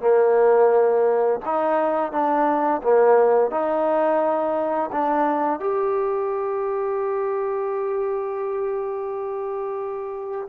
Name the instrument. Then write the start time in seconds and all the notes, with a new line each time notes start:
trombone
0.00 A#3
1.45 D#4
2.12 D4
2.83 A#3
3.50 D#4
4.92 D4
5.59 G4